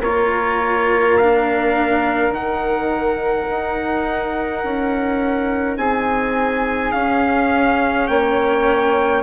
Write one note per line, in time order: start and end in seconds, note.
0.00 2.31 A#3
0.00 1.20 F4
0.00 5.79 A#4
0.00 1.18 C#5
1.18 2.35 D4
1.18 2.33 F5
2.31 3.46 D#3
2.31 6.94 D#4
2.31 5.78 F#5
3.50 4.65 D#4
4.65 5.77 C#4
5.77 6.93 C4
5.77 8.10 G#4
5.77 6.92 G#5
6.92 9.24 C#4
6.92 8.09 C#4
6.92 8.08 F5
8.08 9.24 A#3
8.08 9.24 C#5
8.08 9.23 G5